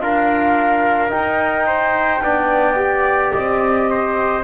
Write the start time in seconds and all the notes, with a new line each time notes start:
0.00 D4 F4 A#4 F5
1.09 D#4 G5
1.66 C5
2.21 B3 D4 D5
2.75 G4
3.32 C4 D#5
3.90 C5